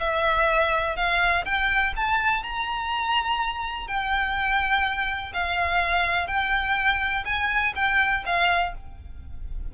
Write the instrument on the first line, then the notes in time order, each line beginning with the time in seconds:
violin
0.00 E5
0.96 F5
1.45 G5
1.96 A5
2.43 A#5
3.88 G5
5.34 F5
6.28 G5
7.25 G#5
7.76 G5
8.26 F5